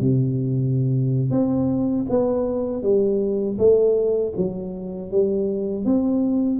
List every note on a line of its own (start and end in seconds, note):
0.00 1.30 C3
1.30 2.05 C4
2.09 2.82 B3
2.82 3.57 G3
3.58 4.33 A3
4.36 5.10 F#3
5.10 5.85 G3
5.85 6.59 C4